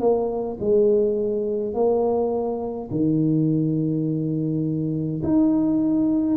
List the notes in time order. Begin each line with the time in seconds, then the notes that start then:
0.00 A#3
0.60 G#3
1.74 A#3
2.91 D#3
5.23 D#4